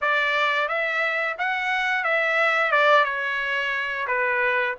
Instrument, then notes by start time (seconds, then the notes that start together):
trumpet
0.01 D5
0.68 E5
1.38 F#5
2.04 E5
2.71 D5
3.04 C#5
4.07 B4